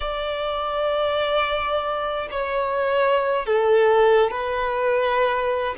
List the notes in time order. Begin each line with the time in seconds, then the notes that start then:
0.00 D5
2.31 C#5
3.46 A4
4.30 B4